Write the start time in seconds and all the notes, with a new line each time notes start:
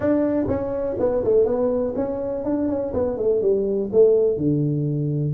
0.00 D4
0.48 C#4
0.99 B3
1.24 A3
1.45 B3
1.95 C#4
2.44 D4
2.68 C#4
2.93 B3
3.17 A3
3.41 G3
3.92 A3
4.37 D3